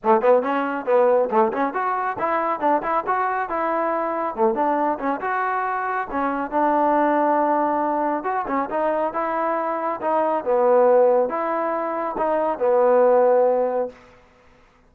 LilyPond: \new Staff \with { instrumentName = "trombone" } { \time 4/4 \tempo 4 = 138 a8 b8 cis'4 b4 a8 cis'8 | fis'4 e'4 d'8 e'8 fis'4 | e'2 a8 d'4 cis'8 | fis'2 cis'4 d'4~ |
d'2. fis'8 cis'8 | dis'4 e'2 dis'4 | b2 e'2 | dis'4 b2. | }